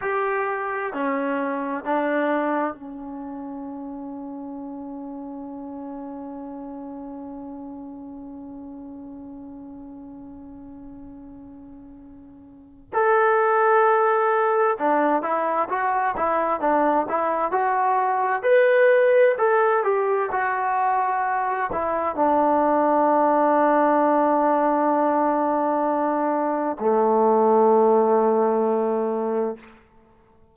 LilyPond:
\new Staff \with { instrumentName = "trombone" } { \time 4/4 \tempo 4 = 65 g'4 cis'4 d'4 cis'4~ | cis'1~ | cis'1~ | cis'2 a'2 |
d'8 e'8 fis'8 e'8 d'8 e'8 fis'4 | b'4 a'8 g'8 fis'4. e'8 | d'1~ | d'4 a2. | }